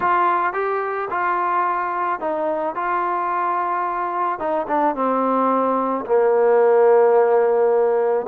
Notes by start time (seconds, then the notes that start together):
0.00 F4
0.53 G4
1.10 F4
2.20 D#4
2.75 F4
4.39 D#4
4.67 D4
4.95 C4
6.06 A#3